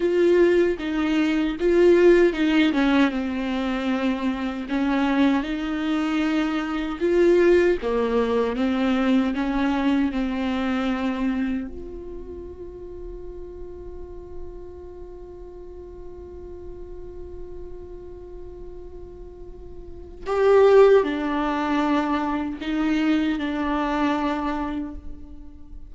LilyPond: \new Staff \with { instrumentName = "viola" } { \time 4/4 \tempo 4 = 77 f'4 dis'4 f'4 dis'8 cis'8 | c'2 cis'4 dis'4~ | dis'4 f'4 ais4 c'4 | cis'4 c'2 f'4~ |
f'1~ | f'1~ | f'2 g'4 d'4~ | d'4 dis'4 d'2 | }